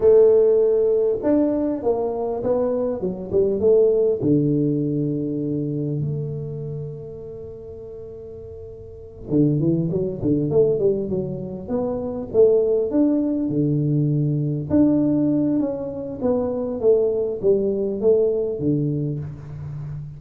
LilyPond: \new Staff \with { instrumentName = "tuba" } { \time 4/4 \tempo 4 = 100 a2 d'4 ais4 | b4 fis8 g8 a4 d4~ | d2 a2~ | a2.~ a8 d8 |
e8 fis8 d8 a8 g8 fis4 b8~ | b8 a4 d'4 d4.~ | d8 d'4. cis'4 b4 | a4 g4 a4 d4 | }